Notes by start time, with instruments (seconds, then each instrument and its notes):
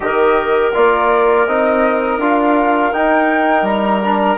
0.00 bassoon D#3, trombone G4, clarinet A#4, flute D#5
0.74 bassoon A#3, trombone F4, flute D5
1.47 bassoon C4, trombone D#4, flute D#5
2.18 bassoon D4, trombone F4, flute F5
2.92 trombone D#4, bassoon D#4, flute G5
3.62 bassoon G3, flute A#5
4.03 trombone D4